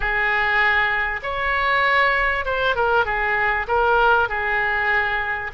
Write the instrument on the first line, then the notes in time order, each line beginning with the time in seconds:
oboe
0.00 G#4
1.22 C#5
2.45 C5
2.75 A#4
3.05 G#4
3.67 A#4
4.29 G#4